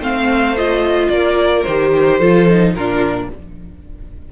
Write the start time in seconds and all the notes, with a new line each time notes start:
0.00 A3 C4 C5 F5
0.57 F4 D#5
1.09 A#3 A#4 D5
1.64 D#3 G4 C5
2.18 F3 F4 A4
2.49 D#4
2.75 A#2 D4 F4 A#4